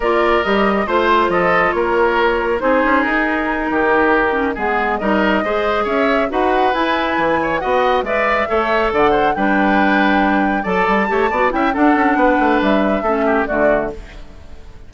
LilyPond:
<<
  \new Staff \with { instrumentName = "flute" } { \time 4/4 \tempo 4 = 138 d''4 dis''4 c''4 dis''4 | cis''2 c''4 ais'4~ | ais'2~ ais'8 gis'4 dis''8~ | dis''4. e''4 fis''4 gis''8~ |
gis''4. fis''4 e''4.~ | e''8 fis''4 g''2~ g''8~ | g''8 a''2 g''8 fis''4~ | fis''4 e''2 d''4 | }
  \new Staff \with { instrumentName = "oboe" } { \time 4/4 ais'2 c''4 a'4 | ais'2 gis'2~ | gis'8 g'2 gis'4 ais'8~ | ais'8 c''4 cis''4 b'4.~ |
b'4 cis''8 dis''4 d''4 cis''8~ | cis''8 d''8 c''8 b'2~ b'8~ | b'8 d''4 cis''8 d''8 e''8 a'4 | b'2 a'8 g'8 fis'4 | }
  \new Staff \with { instrumentName = "clarinet" } { \time 4/4 f'4 g'4 f'2~ | f'2 dis'2~ | dis'2 cis'8 b4 dis'8~ | dis'8 gis'2 fis'4 e'8~ |
e'4. fis'4 b'4 a'8~ | a'4. d'2~ d'8~ | d'8 a'4 g'8 fis'8 e'8 d'4~ | d'2 cis'4 a4 | }
  \new Staff \with { instrumentName = "bassoon" } { \time 4/4 ais4 g4 a4 f4 | ais2 c'8 cis'8 dis'4~ | dis'8 dis2 gis4 g8~ | g8 gis4 cis'4 dis'4 e'8~ |
e'8 e4 b4 gis4 a8~ | a8 d4 g2~ g8~ | g8 fis8 g8 a8 b8 cis'8 d'8 cis'8 | b8 a8 g4 a4 d4 | }
>>